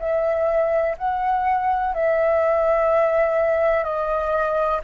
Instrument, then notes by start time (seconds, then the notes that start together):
flute
0.00 E5
0.99 F#5
1.94 E5
3.84 D#5